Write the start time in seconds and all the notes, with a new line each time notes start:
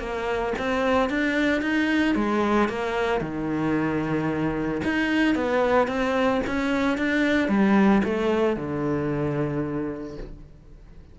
0.00 A#3
0.59 C4
1.10 D4
1.62 D#4
2.16 G#3
2.69 A#3
3.21 D#3
4.85 D#4
5.36 B3
5.88 C4
6.47 C#4
6.98 D4
7.49 G3
8.04 A3
8.57 D3